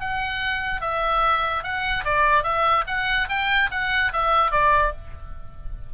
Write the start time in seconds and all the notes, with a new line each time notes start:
0.00 F#5
0.81 E5
1.63 F#5
2.04 D5
2.43 E5
2.87 F#5
3.29 G5
3.71 F#5
4.13 E5
4.51 D5